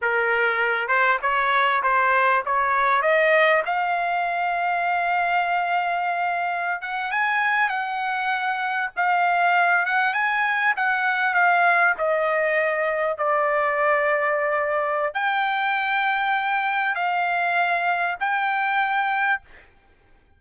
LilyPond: \new Staff \with { instrumentName = "trumpet" } { \time 4/4 \tempo 4 = 99 ais'4. c''8 cis''4 c''4 | cis''4 dis''4 f''2~ | f''2.~ f''16 fis''8 gis''16~ | gis''8. fis''2 f''4~ f''16~ |
f''16 fis''8 gis''4 fis''4 f''4 dis''16~ | dis''4.~ dis''16 d''2~ d''16~ | d''4 g''2. | f''2 g''2 | }